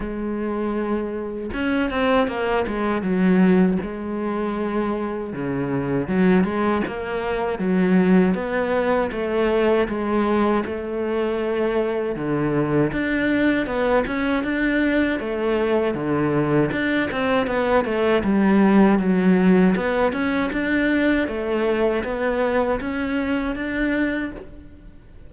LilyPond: \new Staff \with { instrumentName = "cello" } { \time 4/4 \tempo 4 = 79 gis2 cis'8 c'8 ais8 gis8 | fis4 gis2 cis4 | fis8 gis8 ais4 fis4 b4 | a4 gis4 a2 |
d4 d'4 b8 cis'8 d'4 | a4 d4 d'8 c'8 b8 a8 | g4 fis4 b8 cis'8 d'4 | a4 b4 cis'4 d'4 | }